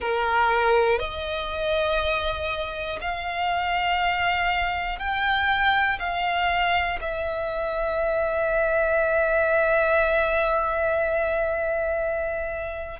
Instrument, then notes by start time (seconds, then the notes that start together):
violin
0.00 A#4
0.99 D#5
3.01 F5
4.98 G5
5.99 F5
7.00 E5